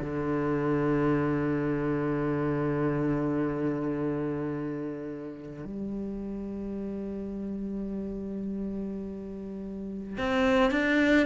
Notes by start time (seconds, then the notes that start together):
0.00 D3
5.65 G3
10.18 C4
10.71 D4